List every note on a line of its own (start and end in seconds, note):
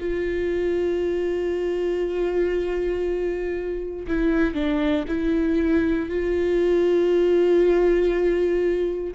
0.00 4.07 F4
4.07 4.54 E4
4.54 5.05 D4
5.08 6.09 E4
6.09 9.14 F4